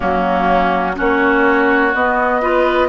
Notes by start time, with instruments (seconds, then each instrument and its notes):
0.00 bassoon F#3, clarinet A#3, oboe C#4, flute F#4
0.95 bassoon A#3, clarinet C#4, oboe F#4, flute C#5
1.94 bassoon B3, clarinet B3, flute D#5
2.41 clarinet F4, oboe B4